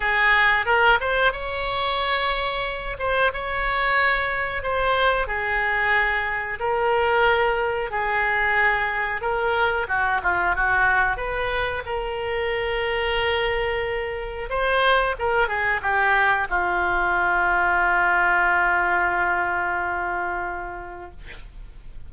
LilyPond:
\new Staff \with { instrumentName = "oboe" } { \time 4/4 \tempo 4 = 91 gis'4 ais'8 c''8 cis''2~ | cis''8 c''8 cis''2 c''4 | gis'2 ais'2 | gis'2 ais'4 fis'8 f'8 |
fis'4 b'4 ais'2~ | ais'2 c''4 ais'8 gis'8 | g'4 f'2.~ | f'1 | }